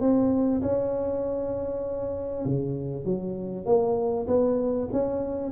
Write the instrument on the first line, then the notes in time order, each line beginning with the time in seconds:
tuba
0.00 C4
0.62 C#4
2.45 C#3
3.04 F#3
3.66 A#3
4.27 B3
4.92 C#4